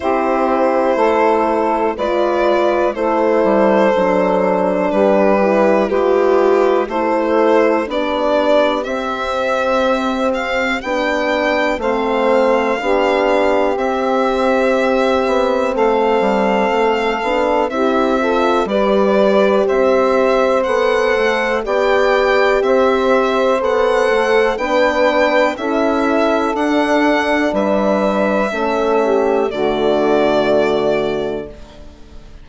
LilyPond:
<<
  \new Staff \with { instrumentName = "violin" } { \time 4/4 \tempo 4 = 61 c''2 d''4 c''4~ | c''4 b'4 g'4 c''4 | d''4 e''4. f''8 g''4 | f''2 e''2 |
f''2 e''4 d''4 | e''4 fis''4 g''4 e''4 | fis''4 g''4 e''4 fis''4 | e''2 d''2 | }
  \new Staff \with { instrumentName = "saxophone" } { \time 4/4 g'4 a'4 b'4 a'4~ | a'4 g'4 b'4 a'4 | g'1 | c''4 g'2. |
a'2 g'8 a'8 b'4 | c''2 d''4 c''4~ | c''4 b'4 a'2 | b'4 a'8 g'8 fis'2 | }
  \new Staff \with { instrumentName = "horn" } { \time 4/4 e'2 f'4 e'4 | d'4. e'8 f'4 e'4 | d'4 c'2 d'4 | c'4 d'4 c'2~ |
c'4. d'8 e'8 f'8 g'4~ | g'4 a'4 g'2 | a'4 d'4 e'4 d'4~ | d'4 cis'4 a2 | }
  \new Staff \with { instrumentName = "bassoon" } { \time 4/4 c'4 a4 gis4 a8 g8 | fis4 g4 gis4 a4 | b4 c'2 b4 | a4 b4 c'4. b8 |
a8 g8 a8 b8 c'4 g4 | c'4 b8 a8 b4 c'4 | b8 a8 b4 cis'4 d'4 | g4 a4 d2 | }
>>